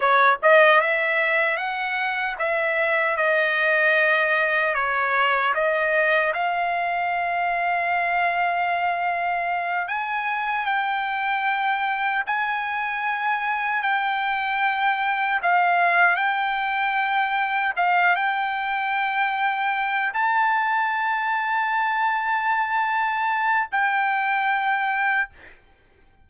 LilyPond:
\new Staff \with { instrumentName = "trumpet" } { \time 4/4 \tempo 4 = 76 cis''8 dis''8 e''4 fis''4 e''4 | dis''2 cis''4 dis''4 | f''1~ | f''8 gis''4 g''2 gis''8~ |
gis''4. g''2 f''8~ | f''8 g''2 f''8 g''4~ | g''4. a''2~ a''8~ | a''2 g''2 | }